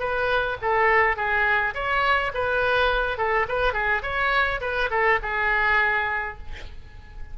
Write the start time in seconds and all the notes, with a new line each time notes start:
0.00 B4
0.62 A4
1.17 G#4
1.75 C#5
2.34 B4
3.18 A4
3.49 B4
3.73 G#4
4.03 C#5
4.61 B4
4.91 A4
5.23 G#4